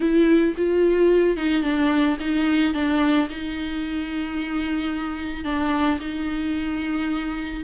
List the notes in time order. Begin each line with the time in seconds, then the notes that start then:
0.00 E4
0.56 F4
1.36 D#4
1.62 D4
2.20 D#4
2.73 D4
3.29 D#4
5.44 D4
6.00 D#4